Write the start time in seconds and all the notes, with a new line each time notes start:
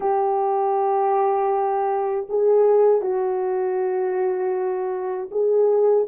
0.00 G4
2.29 G#4
3.01 F#4
5.31 G#4